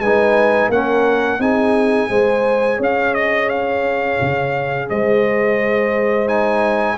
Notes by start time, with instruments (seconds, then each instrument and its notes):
0.00 tuba G#3, trombone D#4, horn B4, trumpet G#5
0.70 tuba A#3, trombone C#4, horn A#4, trumpet F#5
1.40 tuba C4, trombone D#4, horn G#4, trumpet G#5
2.10 tuba G#3, trombone G#4, horn C5
2.78 tuba C#4, horn C#5, trumpet F5
3.15 trumpet D#5
3.50 trumpet F5
4.22 tuba C#3
4.90 tuba G#3, horn C5, trumpet D#5
6.28 trombone D#4, trumpet G#5